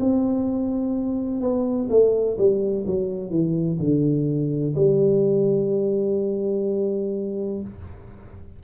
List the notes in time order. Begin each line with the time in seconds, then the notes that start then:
0.00 C4
1.41 B3
1.90 A3
2.38 G3
2.87 F#3
3.30 E3
3.80 D3
4.75 G3